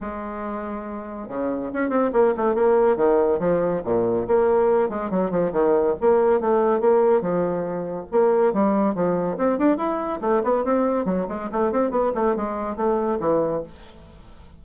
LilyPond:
\new Staff \with { instrumentName = "bassoon" } { \time 4/4 \tempo 4 = 141 gis2. cis4 | cis'8 c'8 ais8 a8 ais4 dis4 | f4 ais,4 ais4. gis8 | fis8 f8 dis4 ais4 a4 |
ais4 f2 ais4 | g4 f4 c'8 d'8 e'4 | a8 b8 c'4 fis8 gis8 a8 c'8 | b8 a8 gis4 a4 e4 | }